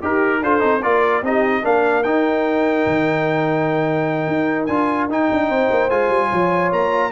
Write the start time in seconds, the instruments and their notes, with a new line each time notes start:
0.00 tuba D#4, horn G4, trombone G4, trumpet A#4
0.42 tuba D4, trombone F4, horn A4, trumpet C5
0.60 tuba C4, trombone D#4
0.83 tuba A#3, trombone F4, horn A#4, trumpet D5
1.22 tuba C4, trombone D#4, horn G4, trumpet D#5
1.63 tuba A#3, trombone D4, horn A#4, trumpet F5
2.03 tuba D#4, trombone D#4, trumpet G5
2.86 tuba D#3
4.27 tuba D#4
4.66 tuba D4, trombone F4, trumpet G#5
5.08 tuba D#4, trombone D#4, trumpet G5
5.31 tuba D4
5.48 tuba C4, horn C5
5.71 tuba A#3
5.90 tuba G#3, trombone F4, trumpet G#5
6.09 tuba G3
6.30 tuba F3, horn C#5
6.72 tuba A#3, trumpet A#5